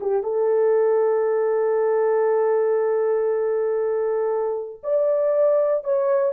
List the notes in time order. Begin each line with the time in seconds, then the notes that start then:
0.00 G4
0.23 A4
4.83 D5
5.84 C#5